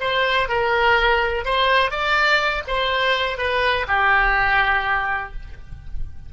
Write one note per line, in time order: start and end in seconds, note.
0.00 0.48 C5
0.48 1.45 A#4
1.45 1.90 C5
1.90 2.63 D5
2.67 3.37 C5
3.37 3.86 B4
3.88 5.33 G4